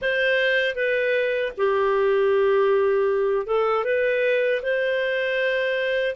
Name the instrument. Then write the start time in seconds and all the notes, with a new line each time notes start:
clarinet
0.01 C5
0.75 B4
1.57 G4
3.46 A4
3.84 B4
4.62 C5